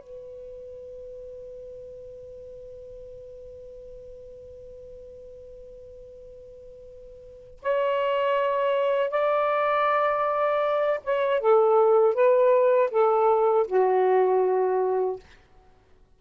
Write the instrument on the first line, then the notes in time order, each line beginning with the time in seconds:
saxophone
0.00 B4
7.62 C#5
9.10 D5
11.04 C#5
11.40 A4
12.14 B4
12.90 A4
13.67 F#4